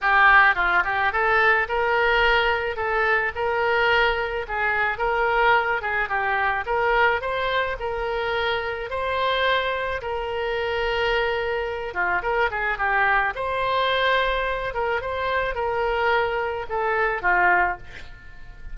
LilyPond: \new Staff \with { instrumentName = "oboe" } { \time 4/4 \tempo 4 = 108 g'4 f'8 g'8 a'4 ais'4~ | ais'4 a'4 ais'2 | gis'4 ais'4. gis'8 g'4 | ais'4 c''4 ais'2 |
c''2 ais'2~ | ais'4. f'8 ais'8 gis'8 g'4 | c''2~ c''8 ais'8 c''4 | ais'2 a'4 f'4 | }